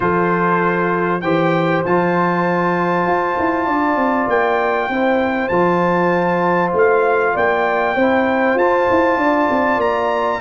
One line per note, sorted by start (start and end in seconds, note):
0.00 1.22 F3
0.00 1.21 F4
0.00 1.22 A4
0.00 1.21 C5
1.21 1.83 E3
1.21 1.85 G4
1.21 3.65 C5
1.21 1.82 G5
1.84 3.06 F3
1.84 4.92 F4
1.84 4.29 A5
3.06 3.36 F4
3.39 3.67 E4
3.65 3.95 D4
3.65 4.88 D5
3.95 4.26 C4
4.27 4.88 A#3
4.27 5.48 G5
4.89 5.50 C4
4.89 5.51 E4
4.89 7.34 C5
5.48 6.72 F3
5.48 7.96 F4
5.48 6.70 A5
6.73 7.34 A3
6.73 7.36 F5
7.34 7.96 A#3
7.34 7.95 D5
7.34 8.58 G5
7.95 8.55 C4
7.95 8.58 E4
7.95 9.17 C5
8.55 8.85 F4
8.55 10.40 F4
8.55 9.80 A5
8.90 9.17 E4
9.17 9.47 D4
9.17 10.40 D5
9.50 9.77 C4
9.77 10.38 A#3
9.77 10.40 A#5